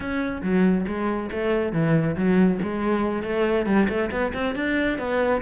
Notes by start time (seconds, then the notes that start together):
0.00 C#4
0.42 F#3
0.87 G#3
1.31 A3
1.72 E3
2.16 F#3
2.62 G#3
3.22 A3
3.66 G3
3.88 A3
4.11 B3
4.33 C4
4.55 D4
4.98 B3